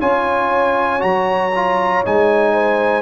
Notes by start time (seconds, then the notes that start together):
0.00 C#4 F4 C#5 G#5
0.99 F#3 F#4 A#5
1.56 F4
2.05 G#3 D#4 G#5
2.54 C5